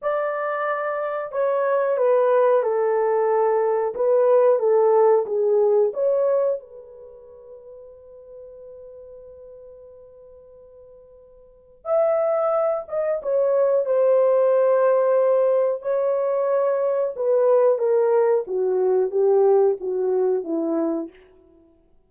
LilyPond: \new Staff \with { instrumentName = "horn" } { \time 4/4 \tempo 4 = 91 d''2 cis''4 b'4 | a'2 b'4 a'4 | gis'4 cis''4 b'2~ | b'1~ |
b'2 e''4. dis''8 | cis''4 c''2. | cis''2 b'4 ais'4 | fis'4 g'4 fis'4 e'4 | }